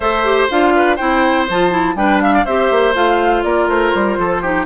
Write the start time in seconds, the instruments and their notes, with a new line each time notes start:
0.00 bassoon A3, clarinet A4, oboe C5, flute E5
0.24 clarinet G4
0.50 bassoon D4, clarinet F4, flute F5
0.75 oboe B4
0.96 bassoon C4, clarinet E4, oboe C5, flute G5
1.49 bassoon F3, clarinet F4, flute A5
1.70 clarinet E4
1.95 bassoon G3, clarinet D4, oboe B4, flute G5
2.21 oboe E5, flute F5
2.34 oboe D5
2.45 bassoon C4, clarinet G4, oboe C5, flute E5
2.70 bassoon A#3
2.94 bassoon A3, clarinet F4, flute F5
3.43 bassoon A#3, oboe A#4, flute D5
3.68 bassoon A3, flute C5
3.94 bassoon G3
4.17 bassoon F3, oboe A4
4.42 clarinet D#4, oboe G4